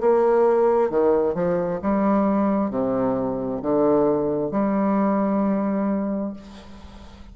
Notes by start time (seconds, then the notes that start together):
0.00 A#3
0.90 D#3
1.34 F3
1.81 G3
2.70 C3
3.62 D3
4.51 G3